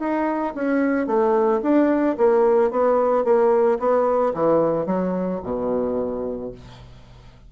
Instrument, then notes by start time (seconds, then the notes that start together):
bassoon
0.00 D#4
0.55 C#4
1.07 A3
1.62 D4
2.18 A#3
2.71 B3
3.25 A#3
3.79 B3
4.34 E3
4.86 F#3
5.44 B2